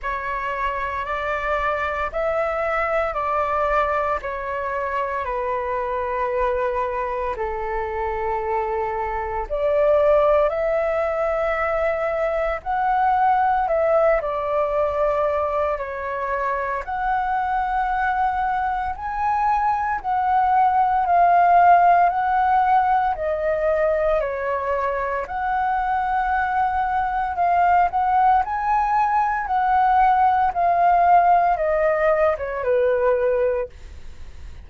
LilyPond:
\new Staff \with { instrumentName = "flute" } { \time 4/4 \tempo 4 = 57 cis''4 d''4 e''4 d''4 | cis''4 b'2 a'4~ | a'4 d''4 e''2 | fis''4 e''8 d''4. cis''4 |
fis''2 gis''4 fis''4 | f''4 fis''4 dis''4 cis''4 | fis''2 f''8 fis''8 gis''4 | fis''4 f''4 dis''8. cis''16 b'4 | }